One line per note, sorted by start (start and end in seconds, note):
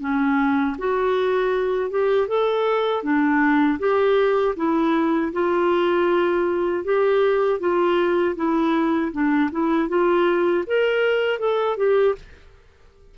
0.00 0.76 C#4
0.78 1.90 F#4
1.90 2.28 G4
2.28 3.02 A4
3.02 3.78 D4
3.79 4.55 G4
4.56 5.32 E4
5.32 6.84 F4
6.84 7.59 G4
7.59 8.35 F4
8.35 9.11 E4
9.12 9.50 D4
9.51 9.88 E4
9.88 10.64 F4
10.66 11.39 A#4
11.39 11.77 A4
11.77 12.15 G4